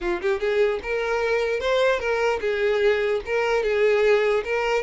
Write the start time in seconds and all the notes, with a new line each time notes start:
0.01 F4
0.21 G4
0.40 G#4
0.82 A#4
1.60 C5
1.99 A#4
2.41 G#4
3.25 A#4
3.63 G#4
4.44 A#4